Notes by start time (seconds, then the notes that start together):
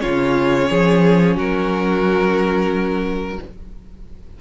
0.00 C#3 C#4 F4 C#5
0.70 F3 G#4
1.37 F#3 F#4 A#4